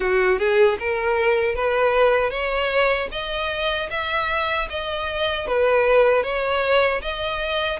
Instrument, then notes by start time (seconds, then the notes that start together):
violin
0.00 F#4
0.39 G#4
0.79 A#4
1.55 B4
2.30 C#5
3.11 D#5
3.90 E5
4.69 D#5
5.47 B4
6.23 C#5
7.01 D#5